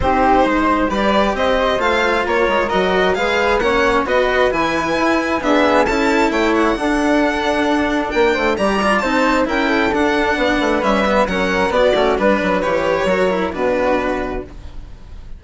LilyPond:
<<
  \new Staff \with { instrumentName = "violin" } { \time 4/4 \tempo 4 = 133 c''2 d''4 dis''4 | f''4 cis''4 dis''4 f''4 | fis''4 dis''4 gis''2 | e''4 a''4 g''8 fis''4.~ |
fis''2 g''4 ais''4 | a''4 g''4 fis''2 | e''4 fis''4 d''4 b'4 | cis''2 b'2 | }
  \new Staff \with { instrumentName = "flute" } { \time 4/4 g'4 c''4 b'4 c''4~ | c''4 ais'2 b'4 | cis''4 b'2. | gis'4 a'4 cis''4 a'4~ |
a'2 ais'8 c''8 d''4 | c''4 ais'8 a'4. b'4~ | b'4 ais'4 fis'4 b'4~ | b'4 ais'4 fis'2 | }
  \new Staff \with { instrumentName = "cello" } { \time 4/4 dis'2 g'2 | f'2 fis'4 gis'4 | cis'4 fis'4 e'2 | b4 e'2 d'4~ |
d'2. g'8 f'8 | dis'4 e'4 d'2 | cis'8 b8 cis'4 b8 cis'8 d'4 | g'4 fis'8 e'8 d'2 | }
  \new Staff \with { instrumentName = "bassoon" } { \time 4/4 c'4 gis4 g4 c'4 | a4 ais8 gis8 fis4 gis4 | ais4 b4 e4 e'4 | d'4 cis'4 a4 d'4~ |
d'2 ais8 a8 g4 | c'4 cis'4 d'4 b8 a8 | g4 fis4 b8 a8 g8 fis8 | e4 fis4 b,2 | }
>>